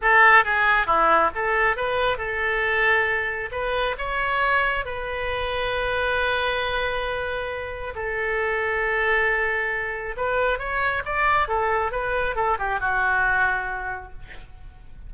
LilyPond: \new Staff \with { instrumentName = "oboe" } { \time 4/4 \tempo 4 = 136 a'4 gis'4 e'4 a'4 | b'4 a'2. | b'4 cis''2 b'4~ | b'1~ |
b'2 a'2~ | a'2. b'4 | cis''4 d''4 a'4 b'4 | a'8 g'8 fis'2. | }